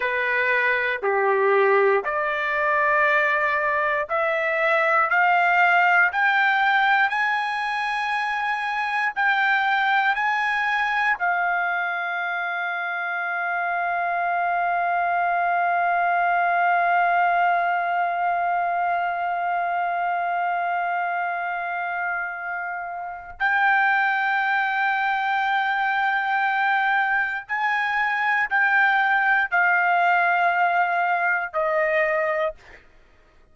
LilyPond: \new Staff \with { instrumentName = "trumpet" } { \time 4/4 \tempo 4 = 59 b'4 g'4 d''2 | e''4 f''4 g''4 gis''4~ | gis''4 g''4 gis''4 f''4~ | f''1~ |
f''1~ | f''2. g''4~ | g''2. gis''4 | g''4 f''2 dis''4 | }